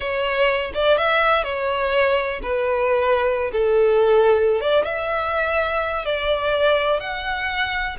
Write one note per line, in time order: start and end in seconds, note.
0.00 0.72 C#5
0.74 0.97 D5
0.97 1.43 E5
1.43 2.40 C#5
2.42 3.51 B4
3.52 4.60 A4
4.60 4.84 D5
4.84 6.05 E5
6.05 7.00 D5
7.00 7.96 F#5